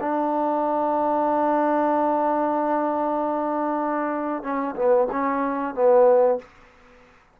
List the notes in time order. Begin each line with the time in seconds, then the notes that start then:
0.00 D4
4.43 C#4
4.76 B3
5.12 C#4
5.74 B3